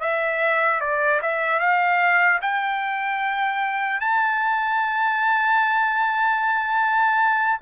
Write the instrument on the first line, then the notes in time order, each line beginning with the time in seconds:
trumpet
0.00 E5
0.80 D5
1.21 E5
1.59 F5
2.41 G5
4.00 A5